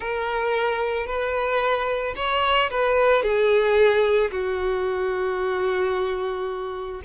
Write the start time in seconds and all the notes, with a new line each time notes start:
0.00 A#4
1.06 B4
2.15 C#5
2.70 B4
3.22 G#4
4.31 F#4